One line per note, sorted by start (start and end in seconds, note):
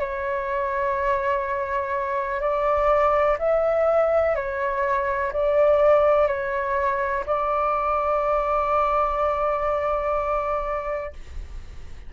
0.00 2.41 C#5
2.41 3.38 D5
3.39 4.35 E5
4.35 5.32 C#5
5.33 6.28 D5
6.28 7.24 C#5
7.26 11.13 D5